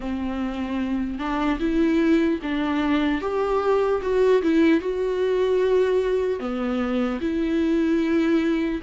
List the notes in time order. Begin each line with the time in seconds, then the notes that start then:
0.00 C4
1.18 D4
1.59 E4
2.42 D4
3.21 G4
4.01 F#4
4.42 E4
4.80 F#4
6.39 B3
7.20 E4